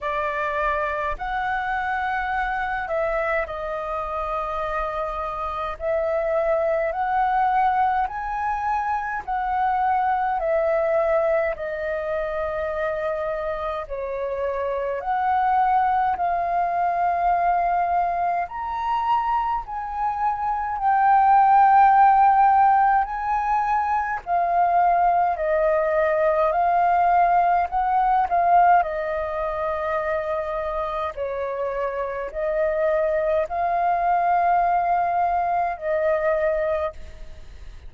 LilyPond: \new Staff \with { instrumentName = "flute" } { \time 4/4 \tempo 4 = 52 d''4 fis''4. e''8 dis''4~ | dis''4 e''4 fis''4 gis''4 | fis''4 e''4 dis''2 | cis''4 fis''4 f''2 |
ais''4 gis''4 g''2 | gis''4 f''4 dis''4 f''4 | fis''8 f''8 dis''2 cis''4 | dis''4 f''2 dis''4 | }